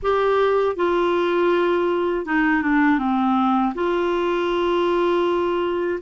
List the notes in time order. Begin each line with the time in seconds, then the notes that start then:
0.02 G4
0.75 F4
2.25 D#4
2.62 D4
2.98 C4
3.74 F4